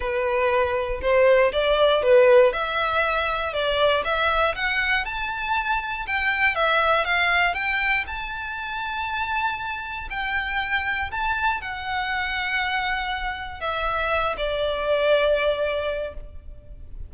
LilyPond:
\new Staff \with { instrumentName = "violin" } { \time 4/4 \tempo 4 = 119 b'2 c''4 d''4 | b'4 e''2 d''4 | e''4 fis''4 a''2 | g''4 e''4 f''4 g''4 |
a''1 | g''2 a''4 fis''4~ | fis''2. e''4~ | e''8 d''2.~ d''8 | }